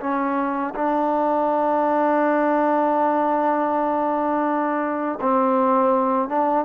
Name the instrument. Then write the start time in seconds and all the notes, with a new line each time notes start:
trombone
0.00 C#4
0.75 D4
5.21 C4
6.29 D4